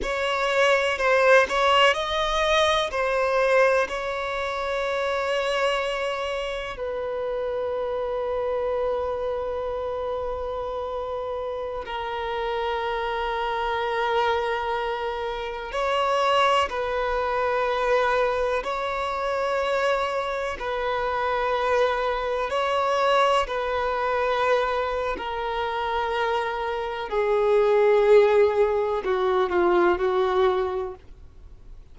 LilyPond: \new Staff \with { instrumentName = "violin" } { \time 4/4 \tempo 4 = 62 cis''4 c''8 cis''8 dis''4 c''4 | cis''2. b'4~ | b'1~ | b'16 ais'2.~ ais'8.~ |
ais'16 cis''4 b'2 cis''8.~ | cis''4~ cis''16 b'2 cis''8.~ | cis''16 b'4.~ b'16 ais'2 | gis'2 fis'8 f'8 fis'4 | }